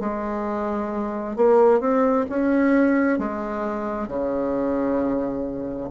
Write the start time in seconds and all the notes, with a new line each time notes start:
0.00 G#3
1.36 A#3
1.80 C4
2.29 C#4
3.19 G#3
4.08 C#3